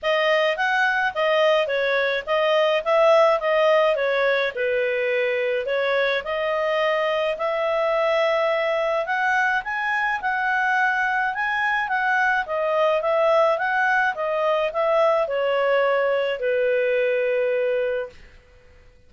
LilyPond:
\new Staff \with { instrumentName = "clarinet" } { \time 4/4 \tempo 4 = 106 dis''4 fis''4 dis''4 cis''4 | dis''4 e''4 dis''4 cis''4 | b'2 cis''4 dis''4~ | dis''4 e''2. |
fis''4 gis''4 fis''2 | gis''4 fis''4 dis''4 e''4 | fis''4 dis''4 e''4 cis''4~ | cis''4 b'2. | }